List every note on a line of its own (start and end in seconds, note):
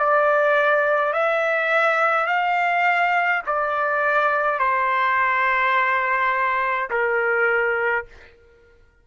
0.00 1.13 D5
1.13 2.27 E5
2.27 3.42 F5
3.47 4.59 D5
4.59 6.90 C5
6.91 8.06 A#4